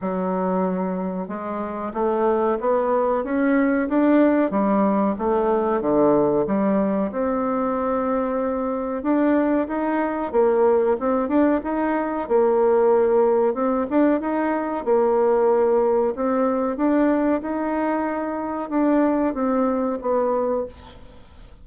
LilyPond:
\new Staff \with { instrumentName = "bassoon" } { \time 4/4 \tempo 4 = 93 fis2 gis4 a4 | b4 cis'4 d'4 g4 | a4 d4 g4 c'4~ | c'2 d'4 dis'4 |
ais4 c'8 d'8 dis'4 ais4~ | ais4 c'8 d'8 dis'4 ais4~ | ais4 c'4 d'4 dis'4~ | dis'4 d'4 c'4 b4 | }